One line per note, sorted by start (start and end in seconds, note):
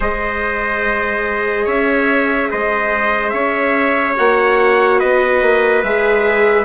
0.00 1.66 G#3
0.00 4.16 G#4
0.00 1.64 C5
0.00 1.67 D#5
1.64 2.50 C#4
1.64 2.48 C#5
1.64 2.50 E5
2.49 3.33 G#3
2.49 3.33 C5
2.49 3.29 D#5
3.29 4.16 C#4
3.29 4.99 C#5
3.29 4.13 E5
4.16 5.02 A#3
4.16 5.82 F#4
4.16 4.99 F#5
4.99 5.42 B3
4.99 6.64 B4
4.99 5.82 D#5
5.42 5.83 A#3
5.83 6.64 G#3
5.83 6.64 G#4
5.83 6.64 E5